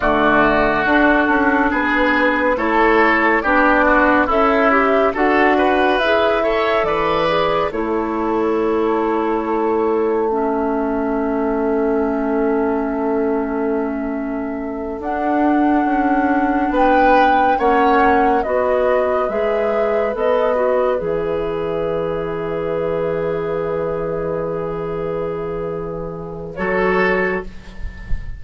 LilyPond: <<
  \new Staff \with { instrumentName = "flute" } { \time 4/4 \tempo 4 = 70 d''4 a'4 b'4 cis''4 | d''4 e''4 fis''4 e''4 | d''4 cis''2. | e''1~ |
e''4. fis''2 g''8~ | g''8 fis''4 dis''4 e''4 dis''8~ | dis''8 e''2.~ e''8~ | e''2. cis''4 | }
  \new Staff \with { instrumentName = "oboe" } { \time 4/4 fis'2 gis'4 a'4 | g'8 fis'8 e'4 a'8 b'4 cis''8 | b'4 a'2.~ | a'1~ |
a'2.~ a'8 b'8~ | b'8 cis''4 b'2~ b'8~ | b'1~ | b'2. a'4 | }
  \new Staff \with { instrumentName = "clarinet" } { \time 4/4 a4 d'2 e'4 | d'4 a'8 g'8 fis'4 gis'8 a'8~ | a'8 gis'8 e'2. | cis'1~ |
cis'4. d'2~ d'8~ | d'8 cis'4 fis'4 gis'4 a'8 | fis'8 gis'2.~ gis'8~ | gis'2. fis'4 | }
  \new Staff \with { instrumentName = "bassoon" } { \time 4/4 d4 d'8 cis'8 b4 a4 | b4 cis'4 d'4 e'4 | e4 a2.~ | a1~ |
a4. d'4 cis'4 b8~ | b8 ais4 b4 gis4 b8~ | b8 e2.~ e8~ | e2. fis4 | }
>>